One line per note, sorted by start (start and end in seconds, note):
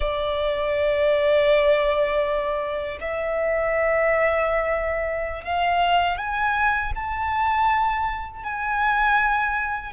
0.00 2.98 D5
3.00 5.43 E5
5.43 6.17 F5
6.17 6.92 G#5
6.95 8.43 A5
8.43 9.92 G#5